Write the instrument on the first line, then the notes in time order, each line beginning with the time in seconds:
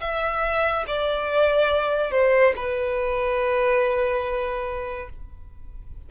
violin
0.00 E5
0.87 D5
2.11 C5
2.55 B4